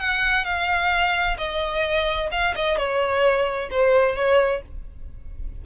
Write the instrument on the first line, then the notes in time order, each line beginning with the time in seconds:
violin
0.00 F#5
0.45 F5
1.38 D#5
2.32 F5
2.56 D#5
2.78 C#5
3.71 C5
4.16 C#5